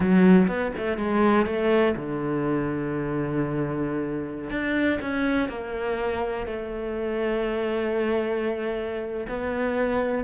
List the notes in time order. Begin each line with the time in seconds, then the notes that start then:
0.00 F#3
0.47 B3
0.77 A3
0.97 G#3
1.46 A3
1.95 D3
4.50 D4
5.01 C#4
5.49 A#3
6.46 A3
9.28 B3